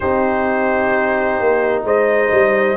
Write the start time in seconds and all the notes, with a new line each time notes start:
0.00 C4 D#4 G4 C5
1.39 A#3
1.84 G#3 C5 D#5
2.31 G3